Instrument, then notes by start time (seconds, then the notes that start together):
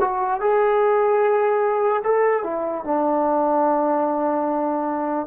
trombone
0.00 F#4
0.40 G#4
2.03 A4
2.44 E4
2.84 D4